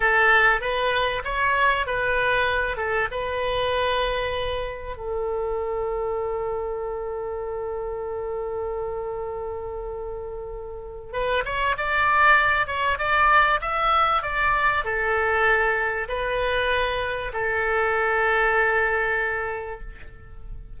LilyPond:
\new Staff \with { instrumentName = "oboe" } { \time 4/4 \tempo 4 = 97 a'4 b'4 cis''4 b'4~ | b'8 a'8 b'2. | a'1~ | a'1~ |
a'2 b'8 cis''8 d''4~ | d''8 cis''8 d''4 e''4 d''4 | a'2 b'2 | a'1 | }